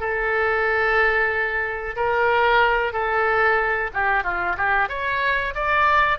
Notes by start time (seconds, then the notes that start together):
0.00 A4
1.96 A#4
2.93 A4
3.94 G4
4.23 F4
4.57 G4
4.89 C#5
5.55 D5